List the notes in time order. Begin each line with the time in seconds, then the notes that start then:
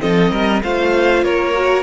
0.00 F3 C4 A4 D#5
0.31 G3 A#4
0.63 A3 F4 C5 F5
1.23 A#3 A#4 C#5
1.54 F#4